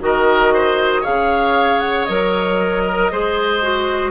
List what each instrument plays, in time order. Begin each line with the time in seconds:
0.00 bassoon D#3, clarinet F#4, oboe A#4, flute D#5
0.53 oboe C5
1.01 bassoon C#3, clarinet G#4, oboe C#5, flute F5
1.79 flute F#5
2.04 bassoon F#3, clarinet A#4, flute D#5
2.85 oboe A#4
3.11 bassoon G#3, clarinet G#4, oboe C5
3.62 clarinet F#4